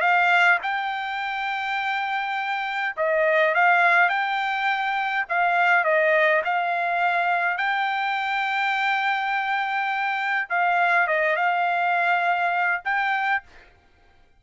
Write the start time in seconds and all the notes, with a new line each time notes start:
0.00 F5
0.62 G5
2.96 D#5
3.54 F5
4.09 G5
5.29 F5
5.84 D#5
6.44 F5
7.57 G5
10.49 F5
11.07 D#5
11.36 F5
12.84 G5